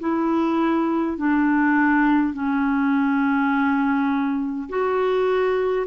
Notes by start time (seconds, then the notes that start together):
0.00 E4
1.18 D4
2.34 C#4
4.70 F#4